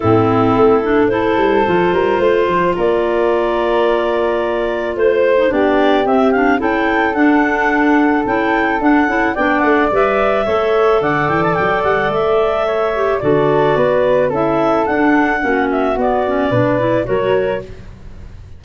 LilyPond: <<
  \new Staff \with { instrumentName = "clarinet" } { \time 4/4 \tempo 4 = 109 a'2 c''2~ | c''4 d''2.~ | d''4 c''4 d''4 e''8 f''8 | g''4 fis''2 g''4 |
fis''4 g''8 fis''8 e''2 | fis''8 g''16 a''16 g''8 fis''8 e''2 | d''2 e''4 fis''4~ | fis''8 e''8 d''2 cis''4 | }
  \new Staff \with { instrumentName = "flute" } { \time 4/4 e'2 a'4. ais'8 | c''4 ais'2.~ | ais'4 c''4 g'2 | a'1~ |
a'4 d''2 cis''4 | d''2. cis''4 | a'4 b'4 a'2 | fis'2 b'4 ais'4 | }
  \new Staff \with { instrumentName = "clarinet" } { \time 4/4 c'4. d'8 e'4 f'4~ | f'1~ | f'4.~ f'16 dis'16 d'4 c'8 d'8 | e'4 d'2 e'4 |
d'8 e'8 d'4 b'4 a'4~ | a'2.~ a'8 g'8 | fis'2 e'4 d'4 | cis'4 b8 cis'8 d'8 e'8 fis'4 | }
  \new Staff \with { instrumentName = "tuba" } { \time 4/4 a,4 a4. g8 f8 g8 | a8 f8 ais2.~ | ais4 a4 b4 c'4 | cis'4 d'2 cis'4 |
d'8 cis'8 b8 a8 g4 a4 | d8 e8 fis8 g8 a2 | d4 b4 cis'4 d'4 | ais4 b4 b,4 fis4 | }
>>